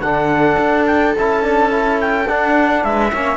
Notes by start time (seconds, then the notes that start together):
0.00 D3 D4 A4 F#5
0.59 D4
0.87 G5
1.18 C#4 E4 A5
1.43 D4
1.70 E4
2.01 G5
2.28 D4 F#5
2.84 G#3 B4 E5
3.13 A#3 C#4 C#5